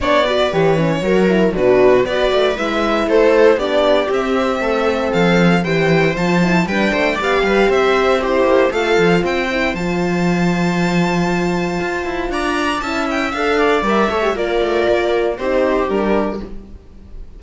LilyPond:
<<
  \new Staff \with { instrumentName = "violin" } { \time 4/4 \tempo 4 = 117 d''4 cis''2 b'4 | d''4 e''4 c''4 d''4 | e''2 f''4 g''4 | a''4 g''4 f''4 e''4 |
c''4 f''4 g''4 a''4~ | a''1 | ais''4 a''8 g''8 f''4 e''4 | d''2 c''4 ais'4 | }
  \new Staff \with { instrumentName = "viola" } { \time 4/4 cis''8 b'4. ais'4 fis'4 | b'2 a'4 g'4~ | g'4 a'2 c''4~ | c''4 b'8 c''8 d''8 b'8 c''4 |
g'4 a'4 c''2~ | c''1 | d''4 e''4. d''4 cis''8 | ais'2 g'2 | }
  \new Staff \with { instrumentName = "horn" } { \time 4/4 d'8 fis'8 g'8 cis'8 fis'8 e'8 d'4 | fis'4 e'2 d'4 | c'2. g'4 | f'8 e'8 d'4 g'2 |
e'4 f'4. e'8 f'4~ | f'1~ | f'4 e'4 a'4 ais'8 a'16 g'16 | f'2 dis'4 d'4 | }
  \new Staff \with { instrumentName = "cello" } { \time 4/4 b4 e4 fis4 b,4 | b8 a8 gis4 a4 b4 | c'4 a4 f4 e4 | f4 g8 a8 b8 g8 c'4~ |
c'8 ais8 a8 f8 c'4 f4~ | f2. f'8 e'8 | d'4 cis'4 d'4 g8 a8 | ais8 a8 ais4 c'4 g4 | }
>>